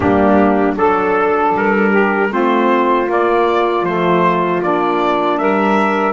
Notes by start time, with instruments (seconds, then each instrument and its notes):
0.00 double bass G3, saxophone A#3 D4, trumpet G4
0.74 double bass F#3, saxophone D4 A4, trumpet A4
1.54 double bass G3, trumpet A#4
1.90 saxophone G4
2.29 double bass A3, saxophone C4 F4, trumpet C5
3.07 saxophone A#3, double bass A#3, trumpet D5
3.82 double bass F3, saxophone A3, trumpet C5
4.62 double bass A#3, saxophone D4, trumpet D5
5.38 double bass G3, saxophone A#4, trumpet E5